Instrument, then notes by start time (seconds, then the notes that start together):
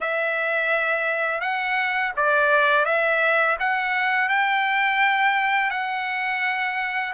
trumpet
0.00 E5
1.41 F#5
2.16 D5
2.85 E5
3.59 F#5
4.29 G5
5.70 F#5